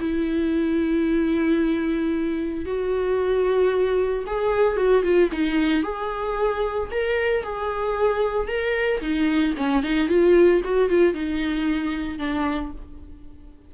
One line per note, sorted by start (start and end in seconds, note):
0.00 2.65 E4
2.65 4.25 F#4
4.26 4.76 G#4
4.76 5.03 F#4
5.03 5.30 F4
5.32 5.83 D#4
5.83 6.89 G#4
6.91 7.43 A#4
7.43 8.47 G#4
8.47 9.00 A#4
9.01 9.54 D#4
9.57 9.83 C#4
9.83 10.08 D#4
10.08 10.61 F4
10.64 10.89 F#4
10.89 11.14 F4
11.14 12.19 D#4
12.19 12.72 D4